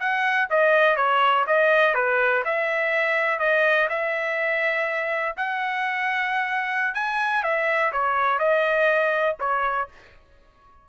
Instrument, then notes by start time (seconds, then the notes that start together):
trumpet
0.00 F#5
0.50 D#5
0.97 C#5
1.47 D#5
1.95 B4
2.45 E5
3.39 D#5
3.90 E5
5.37 F#5
6.95 G#5
7.43 E5
7.93 C#5
8.39 D#5
9.40 C#5